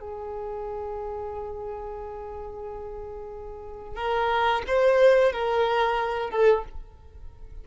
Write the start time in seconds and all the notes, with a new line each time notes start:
0.00 G#4
3.96 A#4
4.67 C5
5.32 A#4
6.31 A4